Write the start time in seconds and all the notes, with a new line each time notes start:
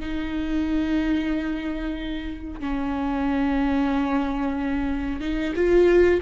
0.00 D#4
2.61 C#4
5.21 D#4
5.56 F4